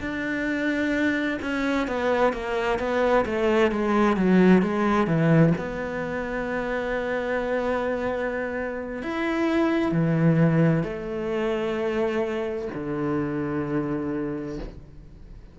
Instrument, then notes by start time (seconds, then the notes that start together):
cello
0.00 D4
1.42 C#4
1.87 B3
2.33 A#3
2.79 B3
3.25 A3
3.71 G#3
4.17 F#3
4.62 G#3
5.07 E3
5.58 B3
9.03 E4
9.92 E3
10.83 A3
12.74 D3